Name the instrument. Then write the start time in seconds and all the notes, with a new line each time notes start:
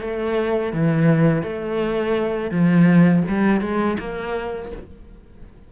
cello
0.00 A3
0.72 E3
1.42 A3
2.50 F3
3.28 G3
3.61 G#3
3.99 A#3